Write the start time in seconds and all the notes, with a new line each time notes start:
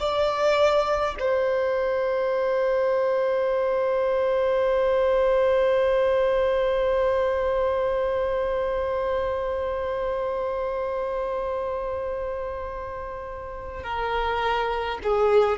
0.00 D5
1.20 C5
13.84 A#4
15.03 G#4